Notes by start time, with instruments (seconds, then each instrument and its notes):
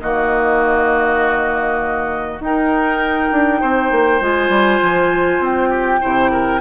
0.00 bassoon D#3, clarinet A#3, oboe F#4, flute D#5
2.39 bassoon D#4, clarinet D#4, flute G5
2.46 oboe A#4
3.31 bassoon D4
3.60 bassoon C4, oboe C5
3.91 bassoon A#3
4.20 bassoon G#3, clarinet F4, flute G#5
4.49 bassoon G3
4.82 bassoon F3
5.39 bassoon C4, flute G5
5.69 oboe G4
6.00 bassoon C3, clarinet E4, oboe C5
6.31 oboe A#4